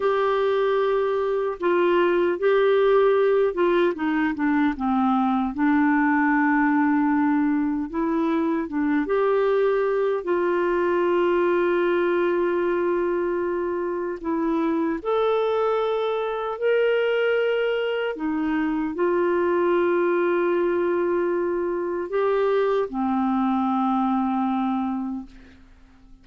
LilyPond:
\new Staff \with { instrumentName = "clarinet" } { \time 4/4 \tempo 4 = 76 g'2 f'4 g'4~ | g'8 f'8 dis'8 d'8 c'4 d'4~ | d'2 e'4 d'8 g'8~ | g'4 f'2.~ |
f'2 e'4 a'4~ | a'4 ais'2 dis'4 | f'1 | g'4 c'2. | }